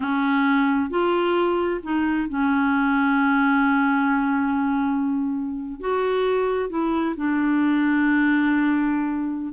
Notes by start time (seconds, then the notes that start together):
0.00 C#4
0.90 F4
1.83 D#4
2.29 C#4
5.80 F#4
6.69 E4
7.16 D4